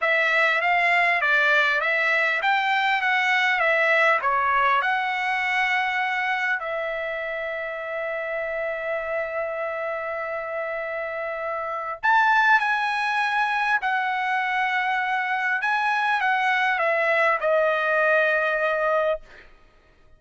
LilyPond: \new Staff \with { instrumentName = "trumpet" } { \time 4/4 \tempo 4 = 100 e''4 f''4 d''4 e''4 | g''4 fis''4 e''4 cis''4 | fis''2. e''4~ | e''1~ |
e''1 | a''4 gis''2 fis''4~ | fis''2 gis''4 fis''4 | e''4 dis''2. | }